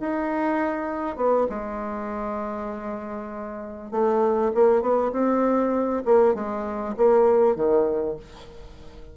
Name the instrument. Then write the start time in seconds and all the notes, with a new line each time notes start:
bassoon
0.00 D#4
1.17 B3
1.49 G#3
3.91 A3
4.55 A#3
4.82 B3
5.12 C4
6.05 A#3
6.34 G#3
6.97 A#3
7.56 D#3